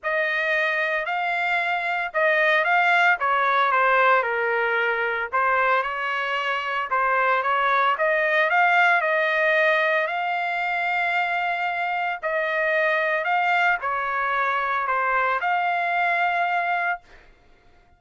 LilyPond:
\new Staff \with { instrumentName = "trumpet" } { \time 4/4 \tempo 4 = 113 dis''2 f''2 | dis''4 f''4 cis''4 c''4 | ais'2 c''4 cis''4~ | cis''4 c''4 cis''4 dis''4 |
f''4 dis''2 f''4~ | f''2. dis''4~ | dis''4 f''4 cis''2 | c''4 f''2. | }